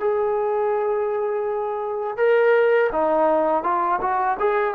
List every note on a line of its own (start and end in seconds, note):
0.00 2.18 G#4
2.18 2.91 A#4
2.93 3.64 D#4
3.64 4.00 F4
4.01 4.38 F#4
4.40 4.75 G#4